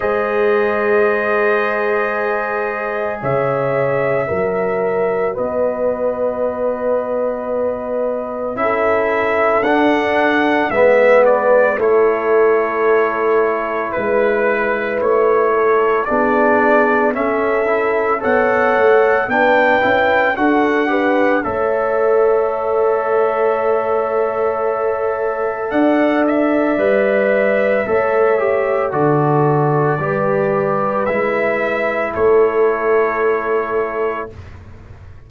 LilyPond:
<<
  \new Staff \with { instrumentName = "trumpet" } { \time 4/4 \tempo 4 = 56 dis''2. e''4~ | e''4 dis''2. | e''4 fis''4 e''8 d''8 cis''4~ | cis''4 b'4 cis''4 d''4 |
e''4 fis''4 g''4 fis''4 | e''1 | fis''8 e''2~ e''8 d''4~ | d''4 e''4 cis''2 | }
  \new Staff \with { instrumentName = "horn" } { \time 4/4 c''2. cis''4 | ais'4 b'2. | a'2 b'4 a'4~ | a'4 b'4. a'8 gis'4 |
a'4 cis''4 b'4 a'8 b'8 | cis''1 | d''2 cis''4 a'4 | b'2 a'2 | }
  \new Staff \with { instrumentName = "trombone" } { \time 4/4 gis'1 | fis'1 | e'4 d'4 b4 e'4~ | e'2. d'4 |
cis'8 e'8 a'4 d'8 e'8 fis'8 g'8 | a'1~ | a'4 b'4 a'8 g'8 fis'4 | g'4 e'2. | }
  \new Staff \with { instrumentName = "tuba" } { \time 4/4 gis2. cis4 | fis4 b2. | cis'4 d'4 gis4 a4~ | a4 gis4 a4 b4 |
cis'4 b8 a8 b8 cis'8 d'4 | a1 | d'4 g4 a4 d4 | g4 gis4 a2 | }
>>